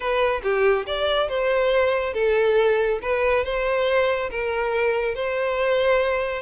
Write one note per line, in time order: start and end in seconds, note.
0.00 0.41 B4
0.43 0.86 G4
0.86 1.29 D5
1.29 2.13 C5
2.13 2.99 A4
3.02 3.44 B4
3.44 4.30 C5
4.30 5.14 A#4
5.14 6.42 C5